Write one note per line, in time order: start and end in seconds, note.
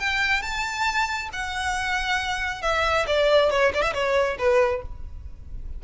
0.00 0.42 G5
0.42 1.30 A5
1.33 2.62 F#5
2.62 3.06 E5
3.07 3.51 D5
3.51 3.73 C#5
3.74 3.82 D5
3.82 3.93 E5
3.94 4.38 C#5
4.39 4.82 B4